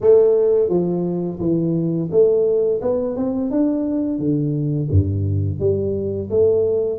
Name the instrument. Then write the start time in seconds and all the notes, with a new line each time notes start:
tuba
0.00 A3
0.69 F3
1.39 E3
2.11 A3
2.81 B3
3.16 C4
3.50 D4
4.19 D3
4.90 G2
5.59 G3
6.30 A3